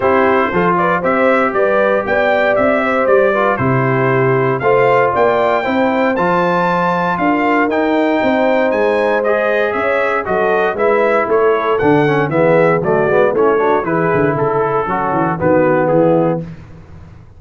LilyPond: <<
  \new Staff \with { instrumentName = "trumpet" } { \time 4/4 \tempo 4 = 117 c''4. d''8 e''4 d''4 | g''4 e''4 d''4 c''4~ | c''4 f''4 g''2 | a''2 f''4 g''4~ |
g''4 gis''4 dis''4 e''4 | dis''4 e''4 cis''4 fis''4 | e''4 d''4 cis''4 b'4 | a'2 b'4 gis'4 | }
  \new Staff \with { instrumentName = "horn" } { \time 4/4 g'4 a'8 b'8 c''4 b'4 | d''4. c''4 b'8 g'4~ | g'4 c''4 d''4 c''4~ | c''2 ais'2 |
c''2. cis''4 | a'4 b'4 a'2 | gis'4 fis'4 e'8 fis'8 gis'4 | a'4 cis'4 fis'4 e'4 | }
  \new Staff \with { instrumentName = "trombone" } { \time 4/4 e'4 f'4 g'2~ | g'2~ g'8 f'8 e'4~ | e'4 f'2 e'4 | f'2. dis'4~ |
dis'2 gis'2 | fis'4 e'2 d'8 cis'8 | b4 a8 b8 cis'8 d'8 e'4~ | e'4 fis'4 b2 | }
  \new Staff \with { instrumentName = "tuba" } { \time 4/4 c'4 f4 c'4 g4 | b4 c'4 g4 c4~ | c4 a4 ais4 c'4 | f2 d'4 dis'4 |
c'4 gis2 cis'4 | fis4 gis4 a4 d4 | e4 fis8 gis8 a4 e8 d8 | cis4 fis8 e8 dis4 e4 | }
>>